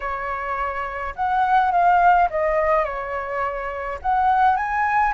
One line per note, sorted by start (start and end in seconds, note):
0.00 1.14 C#5
1.15 1.71 F#5
1.71 2.28 F5
2.30 2.84 D#5
2.84 3.98 C#5
4.02 4.56 F#5
4.56 5.13 G#5